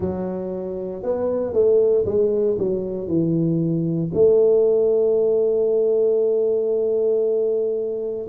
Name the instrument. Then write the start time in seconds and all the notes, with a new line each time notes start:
tuba
0.00 F#3
1.03 B3
1.53 A3
2.05 G#3
2.58 F#3
3.07 E3
4.14 A3